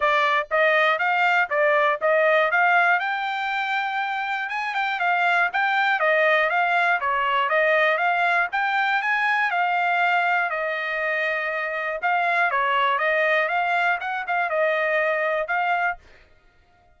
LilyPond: \new Staff \with { instrumentName = "trumpet" } { \time 4/4 \tempo 4 = 120 d''4 dis''4 f''4 d''4 | dis''4 f''4 g''2~ | g''4 gis''8 g''8 f''4 g''4 | dis''4 f''4 cis''4 dis''4 |
f''4 g''4 gis''4 f''4~ | f''4 dis''2. | f''4 cis''4 dis''4 f''4 | fis''8 f''8 dis''2 f''4 | }